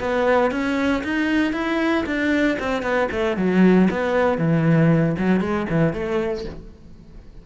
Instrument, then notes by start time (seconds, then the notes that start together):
cello
0.00 B3
0.51 C#4
1.04 D#4
1.53 E4
2.06 D4
2.59 C4
2.82 B3
3.12 A3
3.37 F#3
3.91 B3
4.38 E3
5.18 F#3
5.41 G#3
5.70 E3
5.93 A3